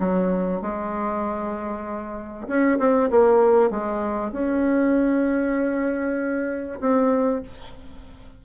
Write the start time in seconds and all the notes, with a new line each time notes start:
0.00 F#3
0.62 G#3
2.48 C#4
2.79 C4
3.11 A#3
3.71 G#3
4.33 C#4
6.81 C4